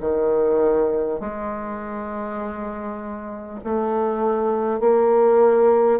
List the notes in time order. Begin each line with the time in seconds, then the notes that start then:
0.00 D#3
1.19 G#3
3.63 A3
4.79 A#3